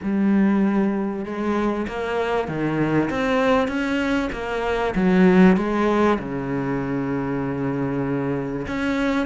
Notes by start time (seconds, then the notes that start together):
0.02 G3
1.25 G#3
1.87 A#3
2.47 D#3
3.09 C4
3.67 C#4
4.32 A#3
4.95 F#3
5.56 G#3
6.19 C#3
8.67 C#4